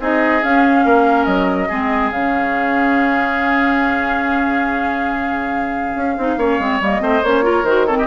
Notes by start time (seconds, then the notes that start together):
0.00 C4 D#4 G#4 D#5
0.43 C#4 F5
0.85 A#3 A#4
1.25 F#3 D#5
1.68 G#3 C4 G#4
2.11 C#3 C#4 F5
5.96 C#4
6.18 C4 D#4
6.37 A#3 C#4 C#5
6.59 G#3 C4
6.81 G3 A#3 D#5
7.00 A3 C4 C5
7.23 A#3 C#4 C#5
7.43 F4 A#4
7.63 D#3 F#4 C5
7.86 C4 A4 C#5
7.98 G4 D#5